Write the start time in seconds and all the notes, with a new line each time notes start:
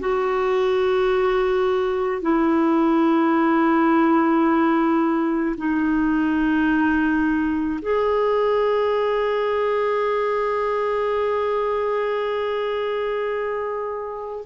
0.00 F#4
2.22 E4
5.58 D#4
7.82 G#4